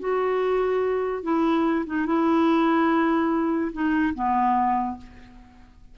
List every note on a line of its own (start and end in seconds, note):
0.00 1.24 F#4
1.24 1.86 E4
1.87 2.07 D#4
2.07 3.72 E4
3.73 4.14 D#4
4.15 4.98 B3